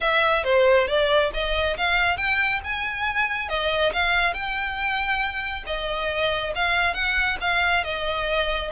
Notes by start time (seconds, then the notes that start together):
0.01 E5
0.44 C5
0.87 D5
1.33 D#5
1.77 F5
2.17 G5
2.63 G#5
3.48 D#5
3.92 F5
4.33 G5
5.66 D#5
6.55 F5
6.93 F#5
7.41 F5
7.84 D#5